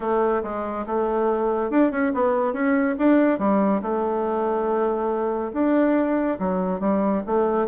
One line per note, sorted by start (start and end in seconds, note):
0.00 0.42 A3
0.43 0.85 G#3
0.86 1.70 A3
1.70 1.91 D4
1.91 2.12 C#4
2.14 2.53 B3
2.53 2.95 C#4
2.98 3.38 D4
3.38 3.81 G3
3.82 5.52 A3
5.53 6.38 D4
6.39 6.80 F#3
6.80 7.22 G3
7.26 7.67 A3